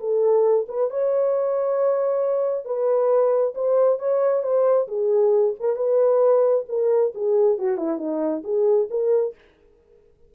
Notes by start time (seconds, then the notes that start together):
0.00 A4
0.69 B4
0.91 C#5
2.65 B4
3.55 C5
3.99 C#5
4.43 C5
4.88 G#4
5.60 A#4
5.76 B4
6.69 A#4
7.15 G#4
7.59 F#4
7.78 E4
7.98 D#4
8.44 G#4
8.91 A#4